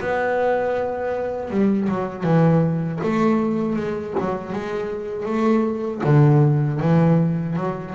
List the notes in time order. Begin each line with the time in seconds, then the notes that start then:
0.00 B3
1.51 G3
1.89 F#3
2.23 E3
3.03 A3
3.76 G#3
4.20 F#3
4.53 G#3
5.25 A3
6.04 D3
6.80 E3
7.56 F#3